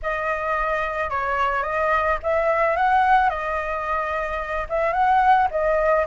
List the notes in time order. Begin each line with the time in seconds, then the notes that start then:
0.02 D#5
1.10 C#5
1.63 D#5
2.22 E5
2.76 F#5
3.29 D#5
4.69 E5
4.93 F#5
5.50 D#5